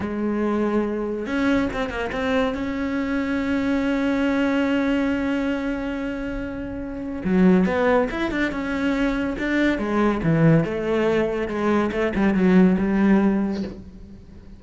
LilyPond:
\new Staff \with { instrumentName = "cello" } { \time 4/4 \tempo 4 = 141 gis2. cis'4 | c'8 ais8 c'4 cis'2~ | cis'1~ | cis'1~ |
cis'4 fis4 b4 e'8 d'8 | cis'2 d'4 gis4 | e4 a2 gis4 | a8 g8 fis4 g2 | }